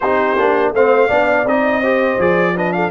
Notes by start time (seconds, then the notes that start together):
0.00 C4 D#4 G4 C5
0.37 A#3 D4
0.73 A3 C4 C5 F5
1.08 B3 D4 D5
1.44 C4 D#4 D#5
1.80 G4 C5
2.18 F3 G#4 D5
2.55 D4 B4 D#5
2.72 A4 F5